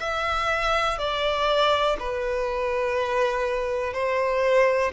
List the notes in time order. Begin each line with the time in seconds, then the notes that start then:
0.00 E5
0.98 D5
1.99 B4
3.93 C5